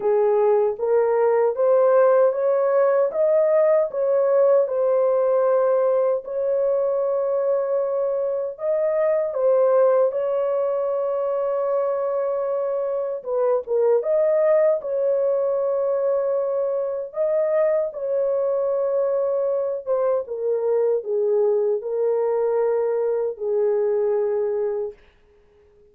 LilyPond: \new Staff \with { instrumentName = "horn" } { \time 4/4 \tempo 4 = 77 gis'4 ais'4 c''4 cis''4 | dis''4 cis''4 c''2 | cis''2. dis''4 | c''4 cis''2.~ |
cis''4 b'8 ais'8 dis''4 cis''4~ | cis''2 dis''4 cis''4~ | cis''4. c''8 ais'4 gis'4 | ais'2 gis'2 | }